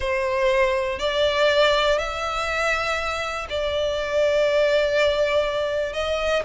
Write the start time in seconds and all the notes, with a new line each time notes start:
0.00 C5
0.99 D5
1.98 E5
3.49 D5
5.93 D#5